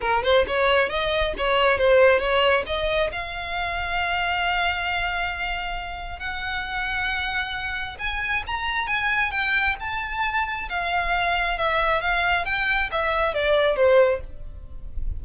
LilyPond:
\new Staff \with { instrumentName = "violin" } { \time 4/4 \tempo 4 = 135 ais'8 c''8 cis''4 dis''4 cis''4 | c''4 cis''4 dis''4 f''4~ | f''1~ | f''2 fis''2~ |
fis''2 gis''4 ais''4 | gis''4 g''4 a''2 | f''2 e''4 f''4 | g''4 e''4 d''4 c''4 | }